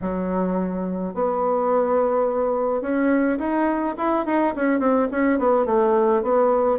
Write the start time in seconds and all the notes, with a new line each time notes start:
0.01 F#3
1.14 B3
2.81 C#4
3.38 D#4
3.97 E4
4.25 D#4
4.55 C#4
4.79 C4
5.11 C#4
5.39 B3
5.65 A3
6.22 B3